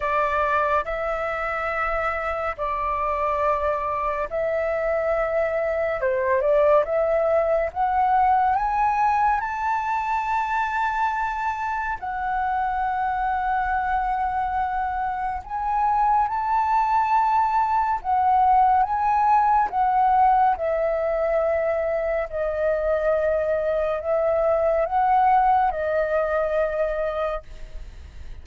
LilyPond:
\new Staff \with { instrumentName = "flute" } { \time 4/4 \tempo 4 = 70 d''4 e''2 d''4~ | d''4 e''2 c''8 d''8 | e''4 fis''4 gis''4 a''4~ | a''2 fis''2~ |
fis''2 gis''4 a''4~ | a''4 fis''4 gis''4 fis''4 | e''2 dis''2 | e''4 fis''4 dis''2 | }